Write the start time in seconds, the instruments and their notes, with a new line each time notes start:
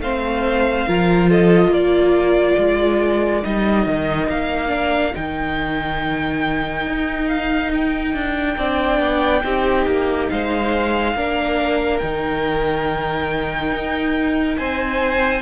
0.00 cello A3, viola C4, violin C5 F5
0.87 cello F3, viola F4, violin A#4
1.30 violin A4 D#5
1.68 cello A#3, violin A#4 D5
2.58 cello G#3
3.43 cello G3, viola D#4, violin D#5
3.87 cello D#3
4.29 cello A#3, violin F5
4.68 viola D4
5.14 cello D#3, viola D#4, violin G5
6.87 cello D#4
7.28 violin F5
7.74 violin G5
8.14 cello D4
8.57 cello C4, viola D4, violin D5
9.00 cello B3
9.44 cello C4, viola D#4, violin G4
9.86 cello A#3
10.30 cello G#3, violin C5 F5
11.15 cello A#3, viola D4, violin A#4
11.99 cello D#3, viola D#4, violin G5
13.72 cello D#4
14.57 cello C4, violin C5 G#5